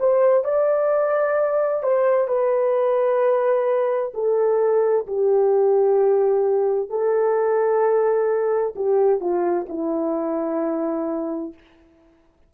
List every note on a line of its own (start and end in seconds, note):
0.00 0.44 C5
0.44 1.83 D5
1.83 2.28 C5
2.28 4.12 B4
4.15 5.07 A4
5.07 6.90 G4
6.90 8.75 A4
8.76 9.21 G4
9.21 9.67 F4
9.69 11.54 E4